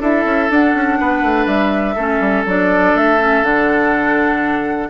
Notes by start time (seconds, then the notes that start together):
0.00 D4 E4 A4 E5
0.25 C#4
0.49 D4 F#5
0.74 C#4
1.00 B3 B4
1.22 A3
1.46 G3 E5
1.95 A3 C#4 A4
2.20 G3
2.45 F#3 D4 D5
2.94 A3 E5
3.19 C#4
3.43 D3 D4 F#5